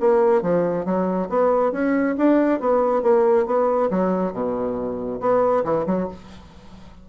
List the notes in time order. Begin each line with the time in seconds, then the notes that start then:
0.00 A#3
0.42 F3
0.85 F#3
1.29 B3
1.72 C#4
2.17 D4
2.60 B3
3.02 A#3
3.46 B3
3.90 F#3
4.33 B2
5.20 B3
5.64 E3
5.86 F#3